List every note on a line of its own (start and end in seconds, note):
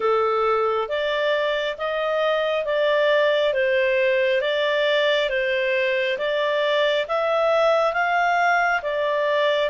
0.00 0.88 A4
0.88 1.76 D5
1.77 2.65 D#5
2.65 3.53 D5
3.53 4.41 C5
4.41 5.29 D5
5.29 6.17 C5
6.18 7.06 D5
7.07 7.93 E5
7.93 8.81 F5
8.82 9.70 D5